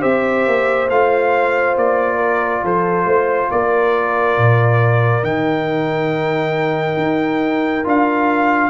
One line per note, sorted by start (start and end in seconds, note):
0.00 0.47 C4
0.00 0.87 G4
0.00 2.16 C5
0.00 0.88 E5
0.47 0.90 A#3
0.89 1.76 A3
0.89 5.23 F4
0.89 1.76 F5
1.76 2.63 A#3
1.76 2.65 D5
2.16 2.59 A#4
2.63 3.05 F3
2.63 3.07 A4
2.63 3.51 C5
3.05 3.48 A3
3.05 3.50 C5
3.50 4.37 A#3
3.50 8.69 A#4
3.50 5.24 D5
4.37 5.23 A#2
5.23 6.97 D#3
5.23 7.84 D#4
5.23 7.85 G5
6.97 7.84 D#4
7.84 8.69 D4
7.84 8.69 F4
7.84 8.69 F5